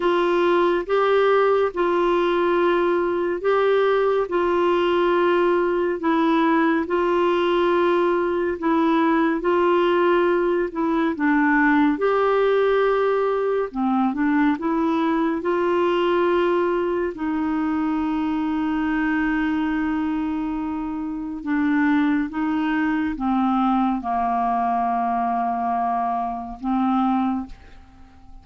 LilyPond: \new Staff \with { instrumentName = "clarinet" } { \time 4/4 \tempo 4 = 70 f'4 g'4 f'2 | g'4 f'2 e'4 | f'2 e'4 f'4~ | f'8 e'8 d'4 g'2 |
c'8 d'8 e'4 f'2 | dis'1~ | dis'4 d'4 dis'4 c'4 | ais2. c'4 | }